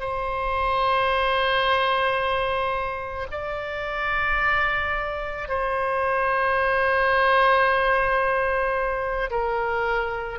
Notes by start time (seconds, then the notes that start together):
0.00 C5
3.31 D5
5.48 C5
9.30 A#4